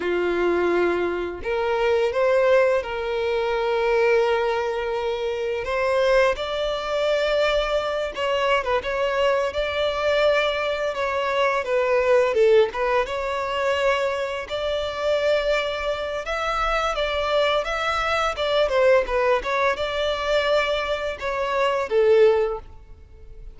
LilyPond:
\new Staff \with { instrumentName = "violin" } { \time 4/4 \tempo 4 = 85 f'2 ais'4 c''4 | ais'1 | c''4 d''2~ d''8 cis''8~ | cis''16 b'16 cis''4 d''2 cis''8~ |
cis''8 b'4 a'8 b'8 cis''4.~ | cis''8 d''2~ d''8 e''4 | d''4 e''4 d''8 c''8 b'8 cis''8 | d''2 cis''4 a'4 | }